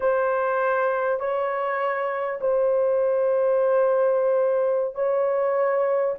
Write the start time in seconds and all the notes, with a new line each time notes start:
0.00 C5
1.19 C#5
2.41 C5
4.94 C#5